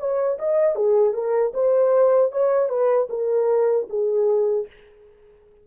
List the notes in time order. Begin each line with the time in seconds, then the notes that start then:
0.00 C#5
0.39 D#5
0.76 G#4
1.14 A#4
1.54 C5
2.32 C#5
2.69 B4
3.10 A#4
3.90 G#4